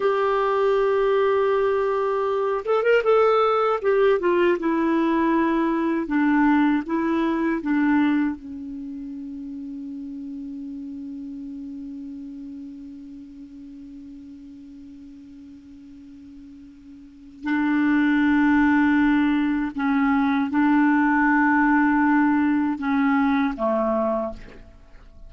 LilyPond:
\new Staff \with { instrumentName = "clarinet" } { \time 4/4 \tempo 4 = 79 g'2.~ g'8 a'16 ais'16 | a'4 g'8 f'8 e'2 | d'4 e'4 d'4 cis'4~ | cis'1~ |
cis'1~ | cis'2. d'4~ | d'2 cis'4 d'4~ | d'2 cis'4 a4 | }